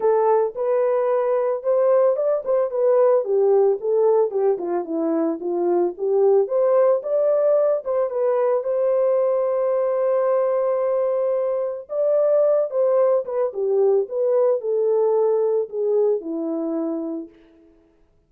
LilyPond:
\new Staff \with { instrumentName = "horn" } { \time 4/4 \tempo 4 = 111 a'4 b'2 c''4 | d''8 c''8 b'4 g'4 a'4 | g'8 f'8 e'4 f'4 g'4 | c''4 d''4. c''8 b'4 |
c''1~ | c''2 d''4. c''8~ | c''8 b'8 g'4 b'4 a'4~ | a'4 gis'4 e'2 | }